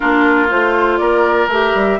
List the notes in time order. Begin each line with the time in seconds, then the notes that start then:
0.00 A#3 D4 F4 A#4
0.49 A3 F4 C5
0.97 A#3 A#4 D5
1.47 A3 G4 E5
1.74 G3